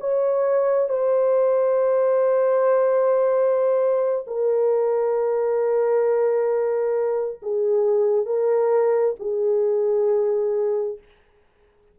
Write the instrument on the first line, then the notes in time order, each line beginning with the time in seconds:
horn
0.00 C#5
0.89 C5
4.27 A#4
7.42 G#4
8.26 A#4
9.19 G#4